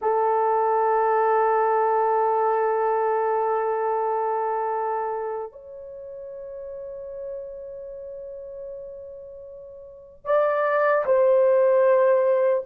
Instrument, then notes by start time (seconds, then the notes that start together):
horn
0.01 A4
5.52 C#5
10.25 D5
11.05 C5